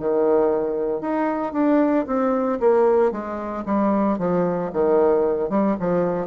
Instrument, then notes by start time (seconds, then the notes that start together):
bassoon
0.00 D#3
1.01 D#4
1.53 D4
2.07 C4
2.60 A#3
3.12 G#3
3.66 G3
4.19 F3
4.73 D#3
5.50 G3
5.80 F3